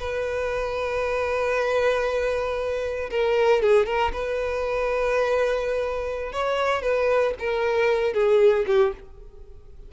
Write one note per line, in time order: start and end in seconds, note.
0.00 3.10 B4
3.11 3.62 A#4
3.63 3.86 G#4
3.86 4.12 A#4
4.13 6.33 B4
6.33 6.83 C#5
6.83 7.34 B4
7.39 8.14 A#4
8.14 8.66 G#4
8.67 8.93 G4